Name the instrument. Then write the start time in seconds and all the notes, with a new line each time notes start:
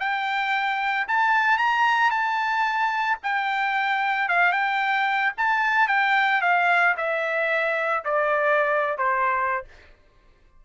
trumpet
0.00 G5
1.08 A5
1.58 A#5
2.11 A5
3.23 G5
4.29 F5
4.52 G5
5.38 A5
5.88 G5
6.41 F5
6.97 E5
8.05 D5
8.98 C5